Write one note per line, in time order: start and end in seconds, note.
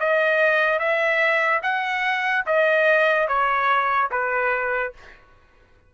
0.00 0.79 D#5
0.79 1.61 E5
1.63 2.45 F#5
2.47 3.28 D#5
3.28 4.10 C#5
4.11 4.94 B4